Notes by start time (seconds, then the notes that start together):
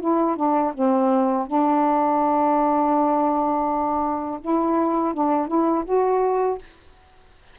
0.00 E4
0.36 D4
0.74 C4
1.47 D4
4.41 E4
5.14 D4
5.47 E4
5.85 F#4